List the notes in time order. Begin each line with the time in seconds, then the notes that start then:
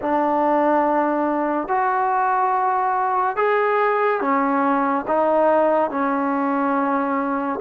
0.01 D4
1.68 F#4
3.36 G#4
4.20 C#4
5.07 D#4
5.90 C#4